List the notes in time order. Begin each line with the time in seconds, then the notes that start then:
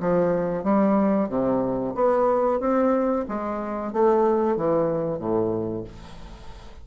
0.00 F3
0.64 G3
1.29 C3
1.95 B3
2.60 C4
3.28 G#3
3.93 A3
4.57 E3
5.19 A2